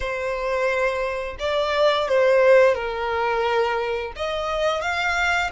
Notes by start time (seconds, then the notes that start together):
0.00 C5
1.39 D5
2.08 C5
2.74 A#4
4.16 D#5
4.81 F5